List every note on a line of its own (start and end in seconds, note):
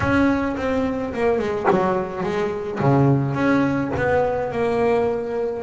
0.00 0.56 C#4
0.57 1.13 C4
1.13 1.39 A#3
1.39 1.67 G#3
1.70 2.23 F#3
2.23 2.79 G#3
2.80 3.34 C#3
3.34 3.90 C#4
3.97 4.52 B3
4.52 5.62 A#3